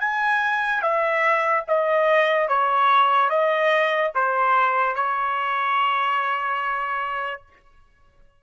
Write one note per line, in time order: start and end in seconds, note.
0.00 0.82 G#5
0.82 1.64 E5
1.67 2.48 D#5
2.48 3.30 C#5
3.30 4.12 D#5
4.15 4.95 C5
4.95 7.42 C#5